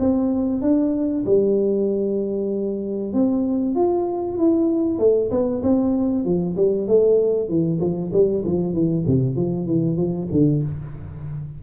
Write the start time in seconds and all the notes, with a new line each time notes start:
0.00 C4
0.62 D4
1.26 G3
3.13 C4
3.75 F4
4.38 E4
4.99 A3
5.31 B3
5.63 C4
6.25 F3
6.57 G3
6.88 A3
7.49 E3
7.80 F3
8.13 G3
8.45 F3
8.74 E3
9.07 C3
9.36 F3
9.66 E3
9.97 F3
10.32 D3